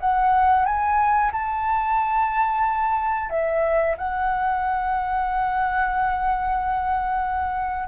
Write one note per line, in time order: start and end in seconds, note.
0.00 0.65 F#5
0.65 1.31 G#5
1.32 3.30 A5
3.30 3.96 E5
3.97 7.88 F#5